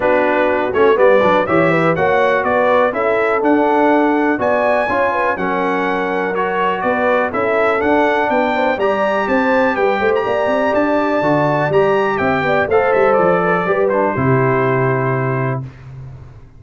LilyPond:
<<
  \new Staff \with { instrumentName = "trumpet" } { \time 4/4 \tempo 4 = 123 b'4. cis''8 d''4 e''4 | fis''4 d''4 e''4 fis''4~ | fis''4 gis''2 fis''4~ | fis''4 cis''4 d''4 e''4 |
fis''4 g''4 ais''4 a''4 | g''8. ais''4~ ais''16 a''2 | ais''4 g''4 f''8 e''8 d''4~ | d''8 c''2.~ c''8 | }
  \new Staff \with { instrumentName = "horn" } { \time 4/4 fis'2 b'4 cis''8 b'8 | cis''4 b'4 a'2~ | a'4 d''4 cis''8 b'8 ais'4~ | ais'2 b'4 a'4~ |
a'4 b'8 c''8 d''4 c''4 | b'8 c''8 d''2.~ | d''4 e''8 d''8 c''4. b'16 a'16 | b'4 g'2. | }
  \new Staff \with { instrumentName = "trombone" } { \time 4/4 d'4. cis'8 b8 d'8 g'4 | fis'2 e'4 d'4~ | d'4 fis'4 f'4 cis'4~ | cis'4 fis'2 e'4 |
d'2 g'2~ | g'2. fis'4 | g'2 a'2 | g'8 d'8 e'2. | }
  \new Staff \with { instrumentName = "tuba" } { \time 4/4 b4. a8 g8 fis8 e4 | ais4 b4 cis'4 d'4~ | d'4 b4 cis'4 fis4~ | fis2 b4 cis'4 |
d'4 b4 g4 c'4 | g8 a8 ais8 c'8 d'4 d4 | g4 c'8 b8 a8 g8 f4 | g4 c2. | }
>>